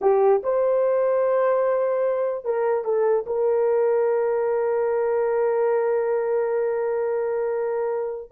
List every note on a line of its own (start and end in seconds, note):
0.01 0.41 G4
0.43 2.45 C5
2.45 2.84 A#4
2.84 3.25 A4
3.26 8.31 A#4